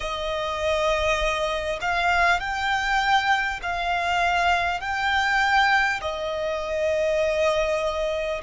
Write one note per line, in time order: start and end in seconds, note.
0.00 1.79 D#5
1.81 2.40 F5
2.40 3.60 G5
3.62 4.80 F5
4.80 6.00 G5
6.01 8.41 D#5